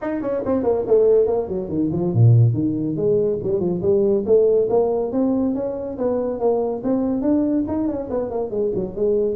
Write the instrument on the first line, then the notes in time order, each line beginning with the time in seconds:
tuba
0.01 D#4
0.21 C#4
0.45 C4
0.63 A#3
0.87 A3
1.27 A#3
1.48 F#3
1.68 D#3
1.92 F3
2.13 A#2
2.53 D#3
2.96 G#3
3.43 G3
3.60 F3
3.81 G3
4.26 A3
4.69 A#3
5.12 C4
5.55 C#4
5.98 B3
6.39 A#3
6.83 C4
7.21 D4
7.67 D#4
7.88 C#4
8.10 B3
8.30 A#3
8.50 G#3
8.74 F#3
8.95 G#3